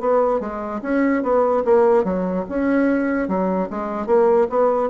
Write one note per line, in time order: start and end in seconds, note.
0.00 0.39 B3
0.39 0.80 G#3
0.82 1.22 C#4
1.22 1.63 B3
1.64 2.04 A#3
2.04 2.44 F#3
2.48 3.28 C#4
3.28 3.68 F#3
3.70 4.06 G#3
4.06 4.47 A#3
4.49 4.89 B3